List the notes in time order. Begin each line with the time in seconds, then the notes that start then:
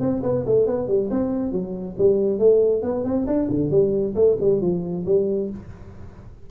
0.00 C4
0.23 B3
0.46 A3
0.66 B3
0.88 G3
1.10 C4
1.52 F#3
1.98 G3
2.39 A3
2.82 B3
3.04 C4
3.27 D4
3.50 D3
3.70 G3
4.15 A3
4.41 G3
4.61 F3
5.06 G3